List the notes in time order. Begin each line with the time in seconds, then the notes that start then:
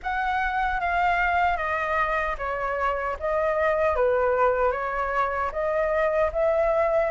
0.03 F#5
0.80 F5
1.57 D#5
2.38 C#5
3.19 D#5
3.95 B4
4.72 C#5
5.52 D#5
6.32 E5